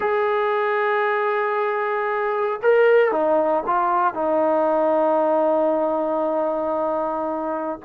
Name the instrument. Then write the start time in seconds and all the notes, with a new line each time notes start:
trombone
0.00 G#4
2.62 A#4
3.11 D#4
3.66 F4
4.14 D#4